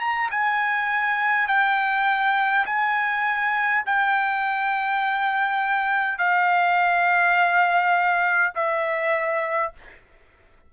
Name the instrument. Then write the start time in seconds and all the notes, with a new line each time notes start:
trumpet
0.00 A#5
0.31 G#5
1.48 G5
2.66 G#5
3.86 G5
6.18 F5
8.55 E5